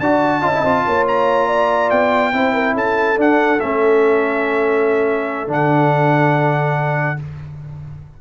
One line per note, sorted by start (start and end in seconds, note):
0.00 0.42 D4
0.00 0.42 F#4
0.00 0.41 D5
0.00 1.06 A5
0.41 0.63 C#4
0.41 0.53 F4
0.41 0.83 D#5
0.53 0.64 E4
0.64 0.85 C4
0.64 2.33 F4
0.86 1.91 A#3
0.86 1.47 C#5
1.08 1.90 A#5
1.47 2.32 D5
1.90 2.33 B3
1.90 2.75 G5
2.33 2.75 C4
2.33 3.17 E4
2.33 2.53 C5
2.53 2.74 A#4
2.74 3.17 C#4
2.74 7.18 A4
2.74 3.20 A5
3.17 3.59 D4
3.17 3.60 F#5
3.60 5.48 A3
3.60 5.48 C#4
3.60 5.50 E5
5.48 7.17 D3
5.48 7.17 D4
5.48 7.21 F#5